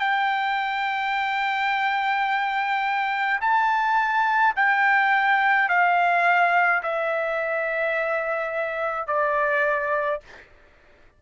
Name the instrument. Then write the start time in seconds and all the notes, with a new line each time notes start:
trumpet
0.00 G5
3.41 A5
4.56 G5
5.69 F5
6.83 E5
9.07 D5